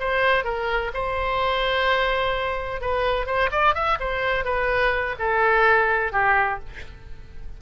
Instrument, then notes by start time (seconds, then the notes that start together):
oboe
0.00 C5
0.44 A#4
0.94 C5
2.81 B4
3.26 C5
3.51 D5
3.75 E5
4.00 C5
4.45 B4
5.19 A4
6.12 G4